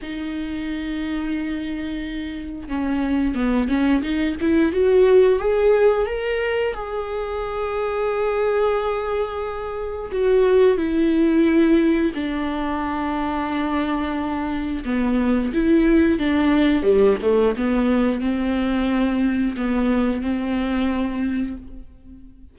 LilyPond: \new Staff \with { instrumentName = "viola" } { \time 4/4 \tempo 4 = 89 dis'1 | cis'4 b8 cis'8 dis'8 e'8 fis'4 | gis'4 ais'4 gis'2~ | gis'2. fis'4 |
e'2 d'2~ | d'2 b4 e'4 | d'4 g8 a8 b4 c'4~ | c'4 b4 c'2 | }